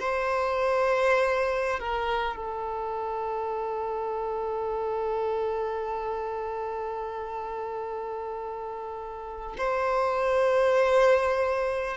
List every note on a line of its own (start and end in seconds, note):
0.00 1.80 C5
1.80 2.36 A#4
2.36 9.56 A4
9.58 11.98 C5